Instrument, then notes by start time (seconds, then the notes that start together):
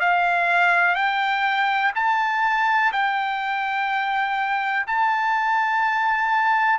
trumpet
0.00 F5
0.95 G5
1.95 A5
2.93 G5
4.87 A5